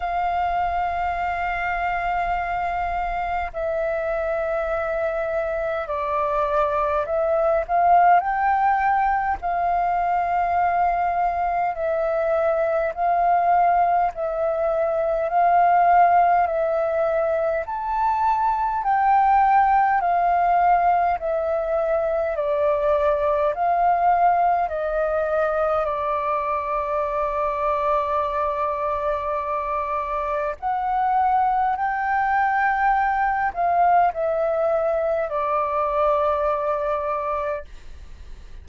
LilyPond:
\new Staff \with { instrumentName = "flute" } { \time 4/4 \tempo 4 = 51 f''2. e''4~ | e''4 d''4 e''8 f''8 g''4 | f''2 e''4 f''4 | e''4 f''4 e''4 a''4 |
g''4 f''4 e''4 d''4 | f''4 dis''4 d''2~ | d''2 fis''4 g''4~ | g''8 f''8 e''4 d''2 | }